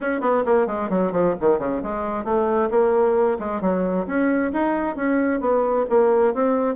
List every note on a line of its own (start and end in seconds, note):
0.00 0.21 C#4
0.21 0.43 B3
0.45 0.66 A#3
0.66 0.89 G#3
0.89 1.12 F#3
1.12 1.34 F3
1.40 1.59 D#3
1.59 1.81 C#3
1.82 2.24 G#3
2.24 2.69 A3
2.70 3.38 A#3
3.39 3.61 G#3
3.61 4.06 F#3
4.06 4.51 C#4
4.52 4.96 D#4
4.96 5.40 C#4
5.40 5.85 B3
5.89 6.33 A#3
6.33 6.75 C4